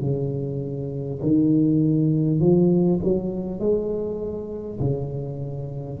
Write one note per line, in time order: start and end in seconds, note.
0.00 1.20 C#3
1.22 2.39 D#3
2.39 2.99 F3
3.03 3.59 F#3
3.59 4.79 G#3
4.79 5.99 C#3